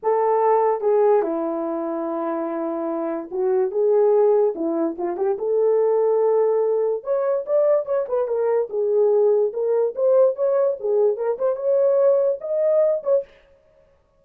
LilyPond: \new Staff \with { instrumentName = "horn" } { \time 4/4 \tempo 4 = 145 a'2 gis'4 e'4~ | e'1 | fis'4 gis'2 e'4 | f'8 g'8 a'2.~ |
a'4 cis''4 d''4 cis''8 b'8 | ais'4 gis'2 ais'4 | c''4 cis''4 gis'4 ais'8 c''8 | cis''2 dis''4. cis''8 | }